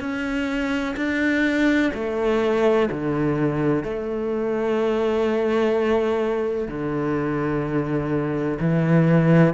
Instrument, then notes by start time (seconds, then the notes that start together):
cello
0.00 C#4
0.97 D4
1.94 A3
2.90 D3
3.83 A3
6.68 D3
8.60 E3